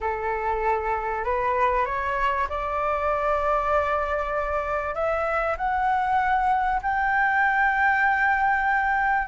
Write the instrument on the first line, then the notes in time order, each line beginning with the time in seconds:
flute
0.00 A4
1.24 B4
1.85 C#5
2.49 D5
4.94 E5
5.57 F#5
6.82 G5